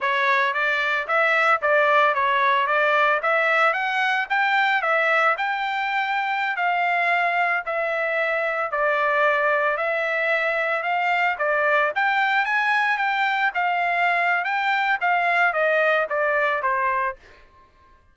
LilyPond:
\new Staff \with { instrumentName = "trumpet" } { \time 4/4 \tempo 4 = 112 cis''4 d''4 e''4 d''4 | cis''4 d''4 e''4 fis''4 | g''4 e''4 g''2~ | g''16 f''2 e''4.~ e''16~ |
e''16 d''2 e''4.~ e''16~ | e''16 f''4 d''4 g''4 gis''8.~ | gis''16 g''4 f''4.~ f''16 g''4 | f''4 dis''4 d''4 c''4 | }